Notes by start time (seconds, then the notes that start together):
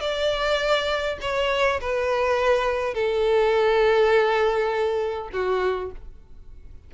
0.00 D5
1.21 C#5
1.80 B4
2.94 A4
5.32 F#4